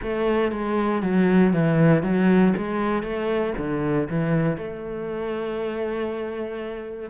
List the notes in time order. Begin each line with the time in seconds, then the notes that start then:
0.02 A3
0.51 G#3
1.02 F#3
1.53 E3
2.02 F#3
2.57 G#3
3.02 A3
3.57 D3
4.09 E3
4.57 A3